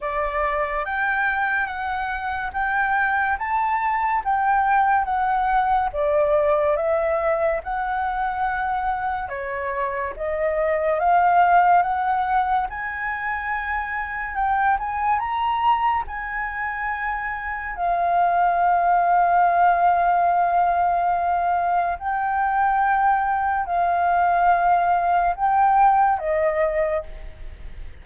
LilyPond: \new Staff \with { instrumentName = "flute" } { \time 4/4 \tempo 4 = 71 d''4 g''4 fis''4 g''4 | a''4 g''4 fis''4 d''4 | e''4 fis''2 cis''4 | dis''4 f''4 fis''4 gis''4~ |
gis''4 g''8 gis''8 ais''4 gis''4~ | gis''4 f''2.~ | f''2 g''2 | f''2 g''4 dis''4 | }